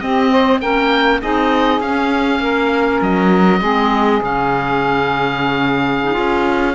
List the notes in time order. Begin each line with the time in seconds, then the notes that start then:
0.00 C4 G4 D#5
0.30 C5
0.60 A#3 C#4 A#4 G5
1.20 C4 D#4 G#4 D#5
1.80 C#4 F5
2.39 A#3 A#4
3.02 F#3 D#5
3.60 G#3 C4 G#4
4.22 C#3 C#4 F5
6.02 D#4
6.13 C#4 F4